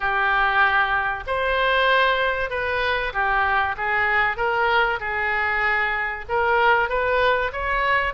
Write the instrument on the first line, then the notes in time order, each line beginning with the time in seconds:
oboe
0.00 G4
1.26 C5
2.50 B4
3.12 G4
3.77 G#4
4.36 A#4
5.00 G#4
6.28 A#4
6.89 B4
7.52 C#5